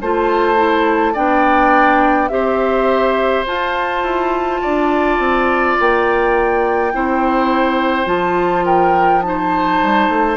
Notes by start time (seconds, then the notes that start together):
0.00 A3 F4 C5 A5
0.56 E4
1.13 B3 D4 D5 G5
2.28 C4 G4 C5 E5
3.46 F4 A5
4.02 E4
4.61 D4 D5
5.18 C4
5.79 A#3 G5
6.92 C4 E4 C5
8.05 F3 F4 A5
8.65 A#4 G5
9.22 D#4 C5 A5
9.83 G3
10.08 A3